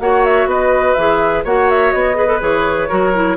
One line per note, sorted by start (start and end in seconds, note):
0.00 0.46 A#3
0.00 0.97 F#4
0.00 0.49 C#5
0.00 0.25 F#5
0.25 0.49 E5
0.46 0.95 B3
0.46 1.45 B4
0.46 0.94 D#5
0.94 1.45 E3
0.94 1.46 G#4
0.94 1.42 E5
1.45 1.93 A#3
1.45 2.15 F#4
1.45 2.17 C#5
1.45 1.70 F#5
1.70 1.93 E5
1.93 2.42 B3
1.93 2.41 D#5
2.15 2.27 G#4
2.15 2.89 B4
2.27 2.39 A4
2.40 2.90 E3
2.40 2.89 G#4
2.40 3.37 C#5
2.89 3.37 F#3
2.89 3.14 F#4
2.89 3.37 A#4
3.14 3.37 E4